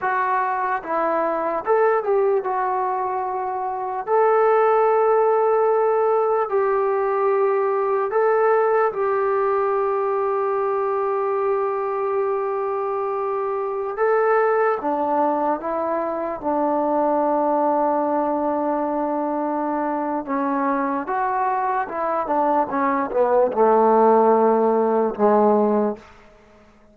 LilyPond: \new Staff \with { instrumentName = "trombone" } { \time 4/4 \tempo 4 = 74 fis'4 e'4 a'8 g'8 fis'4~ | fis'4 a'2. | g'2 a'4 g'4~ | g'1~ |
g'4~ g'16 a'4 d'4 e'8.~ | e'16 d'2.~ d'8.~ | d'4 cis'4 fis'4 e'8 d'8 | cis'8 b8 a2 gis4 | }